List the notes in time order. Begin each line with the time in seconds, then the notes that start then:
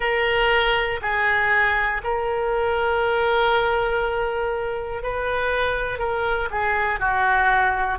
0.00 A#4
1.01 G#4
2.03 A#4
5.02 B4
5.99 A#4
6.50 G#4
7.00 F#4